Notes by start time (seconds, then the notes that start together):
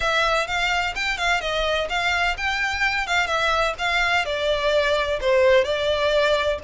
0.00 E5
0.47 F5
0.95 G5
1.17 F5
1.40 D#5
1.89 F5
2.37 G5
3.06 F5
3.26 E5
3.78 F5
4.25 D5
5.20 C5
5.64 D5